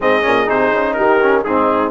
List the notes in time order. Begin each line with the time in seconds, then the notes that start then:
0.00 G#2 C4 G#4 D#5
0.22 A#2 C#4
0.46 C3 D#4 C5
0.72 C#3
0.93 D#3 G4 A#4
1.21 C#4
1.44 G#2 C4 D#4 G#4